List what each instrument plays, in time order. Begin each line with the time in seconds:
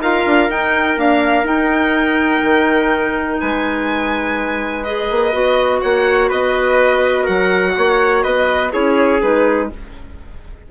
0.00 bassoon D#4, clarinet F4, trumpet A#4, violin F5
0.26 bassoon D4
0.49 bassoon D#4, clarinet D#4, violin G5
0.97 clarinet A#3, bassoon D4, violin F5
1.44 bassoon D#4, clarinet D#4, violin G5
2.42 bassoon D#3
3.40 bassoon G#3, trumpet B4, violin G#5
4.84 clarinet G#4, violin D#5
5.10 bassoon A#3
5.32 bassoon B3, clarinet F#4
5.81 bassoon A#3, trumpet C#5, violin F#5
6.28 bassoon B3, trumpet B4, violin D#5
7.23 bassoon F#3, trumpet A#4, violin F#5
7.77 bassoon A#3, trumpet C#5
8.23 bassoon B3, trumpet B4, violin D#5
8.71 bassoon C#4, clarinet E4, trumpet G#4, violin C#5
9.21 bassoon G#3, clarinet D#4, violin B4